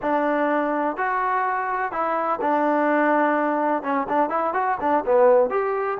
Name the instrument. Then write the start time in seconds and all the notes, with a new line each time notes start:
trombone
0.02 D4
0.96 F#4
1.91 E4
2.41 D4
3.83 C#4
4.08 D4
4.29 E4
4.53 F#4
4.80 D4
5.05 B3
5.49 G4